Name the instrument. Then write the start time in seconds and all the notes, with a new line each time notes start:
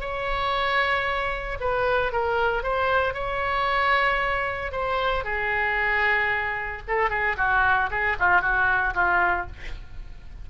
oboe
0.00 C#5
1.60 B4
2.12 A#4
2.63 C5
3.14 C#5
4.72 C5
5.24 G#4
6.87 A4
7.10 G#4
7.37 F#4
7.90 G#4
8.19 F4
8.41 F#4
8.94 F4